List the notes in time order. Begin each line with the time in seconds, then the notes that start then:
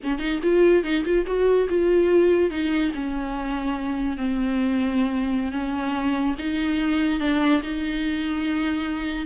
0.03 C#4
0.19 D#4
0.42 F4
0.83 D#4
1.04 F4
1.26 F#4
1.69 F4
2.50 D#4
2.94 C#4
4.17 C4
5.52 C#4
6.38 D#4
7.20 D4
7.62 D#4